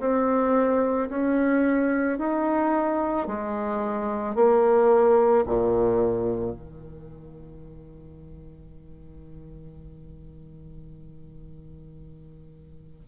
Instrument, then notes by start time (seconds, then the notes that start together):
bassoon
0.00 C4
1.10 C#4
2.19 D#4
3.27 G#3
4.35 A#3
5.46 A#2
6.52 D#3